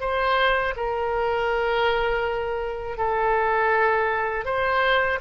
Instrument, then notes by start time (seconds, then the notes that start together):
oboe
0.00 C5
0.76 A#4
2.97 A4
4.45 C5